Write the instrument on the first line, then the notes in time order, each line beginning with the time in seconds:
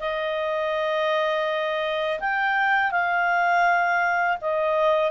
clarinet
0.00 D#5
2.20 G5
2.91 F5
4.41 D#5